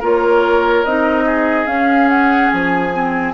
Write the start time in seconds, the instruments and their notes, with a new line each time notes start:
0.00 bassoon A#3, clarinet F4, oboe A#4, flute C#5
0.85 bassoon C4, clarinet D#4, flute D#5
1.26 oboe G#4
1.66 bassoon C#4, clarinet C#4, flute F5
2.09 flute F#5
2.51 bassoon F3, flute G#5
2.93 clarinet C4